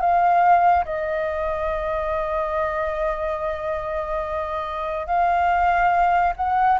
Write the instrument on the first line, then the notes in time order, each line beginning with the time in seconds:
flute
0.00 F5
0.85 D#5
5.06 F5
6.36 F#5